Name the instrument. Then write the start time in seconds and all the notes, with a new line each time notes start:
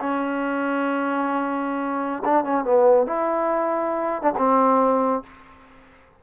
trombone
0.00 C#4
2.25 D4
2.44 C#4
2.64 B3
3.07 E4
4.22 D4
4.38 C4